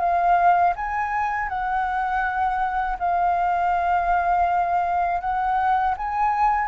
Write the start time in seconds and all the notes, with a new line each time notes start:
0.00 F5
0.76 G#5
1.49 F#5
2.99 F5
5.21 F#5
5.98 G#5